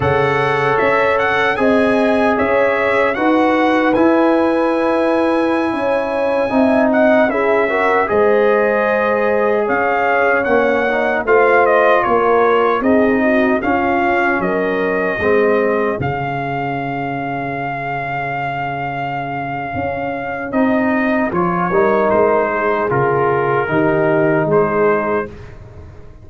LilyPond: <<
  \new Staff \with { instrumentName = "trumpet" } { \time 4/4 \tempo 4 = 76 fis''4 e''8 fis''8 gis''4 e''4 | fis''4 gis''2.~ | gis''8. fis''8 e''4 dis''4.~ dis''16~ | dis''16 f''4 fis''4 f''8 dis''8 cis''8.~ |
cis''16 dis''4 f''4 dis''4.~ dis''16~ | dis''16 f''2.~ f''8.~ | f''2 dis''4 cis''4 | c''4 ais'2 c''4 | }
  \new Staff \with { instrumentName = "horn" } { \time 4/4 cis''2 dis''4 cis''4 | b'2.~ b'16 cis''8.~ | cis''16 e''8 dis''8 gis'8 ais'8 c''4.~ c''16~ | c''16 cis''2 c''4 ais'8.~ |
ais'16 gis'8 fis'8 f'4 ais'4 gis'8.~ | gis'1~ | gis'2.~ gis'8 ais'8~ | ais'8 gis'4. g'4 gis'4 | }
  \new Staff \with { instrumentName = "trombone" } { \time 4/4 a'2 gis'2 | fis'4 e'2.~ | e'16 dis'4 e'8 fis'8 gis'4.~ gis'16~ | gis'4~ gis'16 cis'8 dis'8 f'4.~ f'16~ |
f'16 dis'4 cis'2 c'8.~ | c'16 cis'2.~ cis'8.~ | cis'2 dis'4 f'8 dis'8~ | dis'4 f'4 dis'2 | }
  \new Staff \with { instrumentName = "tuba" } { \time 4/4 cis4 cis'4 c'4 cis'4 | dis'4 e'2~ e'16 cis'8.~ | cis'16 c'4 cis'4 gis4.~ gis16~ | gis16 cis'4 ais4 a4 ais8.~ |
ais16 c'4 cis'4 fis4 gis8.~ | gis16 cis2.~ cis8.~ | cis4 cis'4 c'4 f8 g8 | gis4 cis4 dis4 gis4 | }
>>